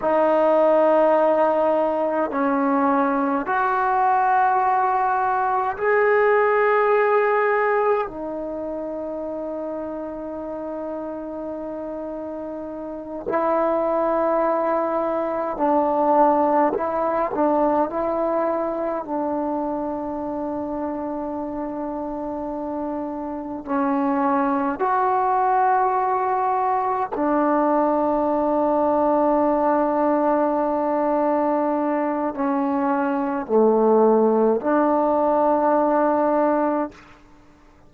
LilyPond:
\new Staff \with { instrumentName = "trombone" } { \time 4/4 \tempo 4 = 52 dis'2 cis'4 fis'4~ | fis'4 gis'2 dis'4~ | dis'2.~ dis'8 e'8~ | e'4. d'4 e'8 d'8 e'8~ |
e'8 d'2.~ d'8~ | d'8 cis'4 fis'2 d'8~ | d'1 | cis'4 a4 d'2 | }